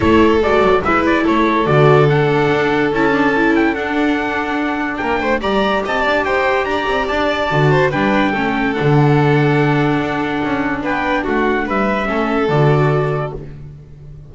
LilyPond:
<<
  \new Staff \with { instrumentName = "trumpet" } { \time 4/4 \tempo 4 = 144 cis''4 d''4 e''8 d''8 cis''4 | d''4 fis''2 a''4~ | a''8 g''8 fis''2. | g''4 ais''4 a''4 g''4 |
ais''4 a''2 g''4~ | g''4 fis''2.~ | fis''2 g''4 fis''4 | e''2 d''2 | }
  \new Staff \with { instrumentName = "violin" } { \time 4/4 a'2 b'4 a'4~ | a'1~ | a'1 | ais'8 c''8 d''4 dis''8 d''8 c''4 |
d''2~ d''8 c''8 b'4 | a'1~ | a'2 b'4 fis'4 | b'4 a'2. | }
  \new Staff \with { instrumentName = "viola" } { \time 4/4 e'4 fis'4 e'2 | fis'4 d'2 e'8 d'8 | e'4 d'2.~ | d'4 g'2.~ |
g'2 fis'4 d'4 | cis'4 d'2.~ | d'1~ | d'4 cis'4 fis'2 | }
  \new Staff \with { instrumentName = "double bass" } { \time 4/4 a4 gis8 fis8 gis4 a4 | d2 d'4 cis'4~ | cis'4 d'2. | ais8 a8 g4 c'8 d'8 dis'4 |
d'8 c'8 d'4 d4 g4 | a4 d2. | d'4 cis'4 b4 a4 | g4 a4 d2 | }
>>